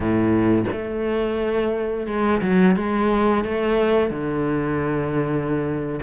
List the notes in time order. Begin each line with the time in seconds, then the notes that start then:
0.00 A2
0.71 A3
2.06 G#3
2.41 F#3
2.76 G#3
3.44 A3
4.10 D3